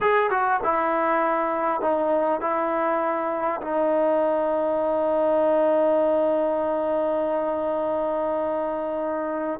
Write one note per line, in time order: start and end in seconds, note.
0.01 0.30 G#4
0.30 0.60 F#4
0.63 1.81 E4
1.81 2.40 D#4
2.40 3.60 E4
3.61 9.60 D#4